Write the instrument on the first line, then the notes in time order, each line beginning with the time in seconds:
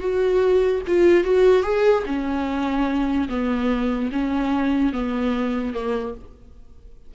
viola
0.00 F#4
0.87 F4
1.24 F#4
1.63 G#4
2.06 C#4
3.29 B3
4.12 C#4
4.93 B3
5.74 A#3